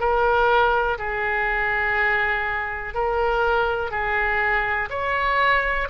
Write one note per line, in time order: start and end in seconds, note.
0.00 0.98 A#4
0.99 2.95 G#4
2.95 3.91 A#4
3.91 4.90 G#4
4.90 5.89 C#5